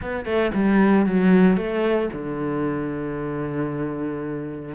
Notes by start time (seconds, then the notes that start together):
0.01 B3
0.25 A3
0.54 G3
1.06 F#3
1.56 A3
2.12 D3